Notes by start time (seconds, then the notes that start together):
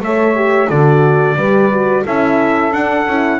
0.00 A3 A4 C#5 E5
0.35 G4
0.69 D3 F#4 A4 D5
1.35 G3 G4 B4
1.71 F#4
2.03 C#4 E4 A4 E5
2.72 D4 F#5
3.06 C#4 E4